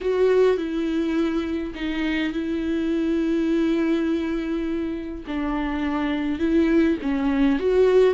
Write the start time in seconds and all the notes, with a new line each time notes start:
0.00 F#4
0.57 E4
1.74 D#4
2.32 E4
5.27 D4
6.39 E4
7.01 C#4
7.59 F#4